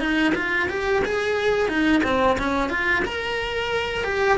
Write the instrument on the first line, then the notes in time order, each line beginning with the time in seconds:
cello
0.00 D#4
0.35 F4
0.69 G4
1.05 G#4
1.69 D#4
2.04 C4
2.39 C#4
2.70 F4
3.05 A#4
4.04 G4